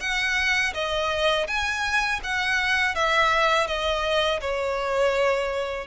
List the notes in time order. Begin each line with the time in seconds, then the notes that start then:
0.00 F#5
0.74 D#5
1.47 G#5
2.23 F#5
2.95 E5
3.67 D#5
4.41 C#5